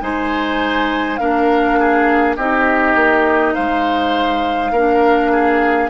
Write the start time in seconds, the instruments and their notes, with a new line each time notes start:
0.00 bassoon G#3, clarinet D#4, oboe C5, flute G#5
1.17 bassoon A#3, clarinet D4, oboe A#4, flute F5
1.79 oboe G#4
2.36 bassoon C4, clarinet D#4, oboe G4, flute D#5
2.95 bassoon A#3
3.54 bassoon G#3, oboe C5, flute F5
4.71 bassoon A#3, clarinet D4, oboe A#4
5.31 oboe G#4